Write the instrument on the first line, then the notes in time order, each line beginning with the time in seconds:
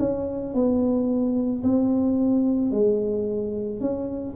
tuba
0.00 C#4
0.55 B3
1.64 C4
2.72 G#3
3.81 C#4